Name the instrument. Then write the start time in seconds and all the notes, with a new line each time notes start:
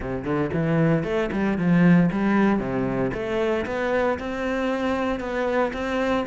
cello
0.00 C3
0.24 D3
0.53 E3
1.03 A3
1.32 G3
1.57 F3
2.11 G3
2.59 C3
3.13 A3
3.66 B3
4.19 C4
5.20 B3
5.73 C4